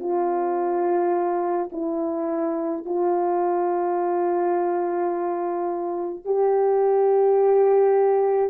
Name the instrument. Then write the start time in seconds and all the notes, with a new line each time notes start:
horn
0.00 F4
1.72 E4
2.86 F4
6.25 G4